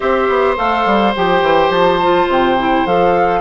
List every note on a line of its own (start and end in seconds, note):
0.00 0.28 C4
0.00 0.56 G4
0.00 3.39 C5
0.00 0.56 E5
0.28 0.57 B3
0.56 0.85 A3
0.56 1.13 A4
0.56 1.14 F5
0.85 1.14 G3
1.15 1.42 F3
1.15 2.01 G4
1.15 1.70 G5
1.42 1.69 E3
1.69 2.26 F3
1.69 2.28 A5
2.01 2.58 F4
2.28 2.85 C3
2.28 2.86 G5
2.58 2.86 E4
2.85 3.41 F3
2.85 3.41 A4
2.85 3.41 F5